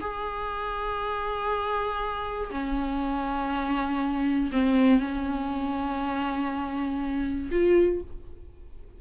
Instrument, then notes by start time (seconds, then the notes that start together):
viola
0.00 G#4
2.50 C#4
4.52 C4
4.99 C#4
7.51 F4